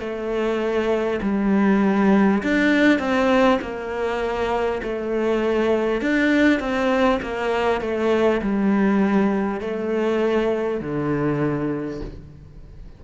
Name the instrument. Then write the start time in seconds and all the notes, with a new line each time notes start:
cello
0.00 A3
1.23 G3
2.43 D4
2.99 C4
3.62 A#3
4.83 A3
6.02 D4
6.60 C4
7.23 A#3
7.82 A3
8.42 G3
9.61 A3
10.81 D3